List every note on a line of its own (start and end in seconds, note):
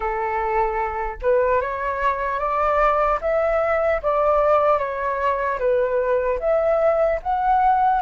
0.00 1.16 A4
1.22 1.61 B4
1.61 2.39 C#5
2.39 3.19 D5
3.21 4.01 E5
4.02 4.79 D5
4.79 5.59 C#5
5.59 6.39 B4
6.39 7.19 E5
7.22 8.01 F#5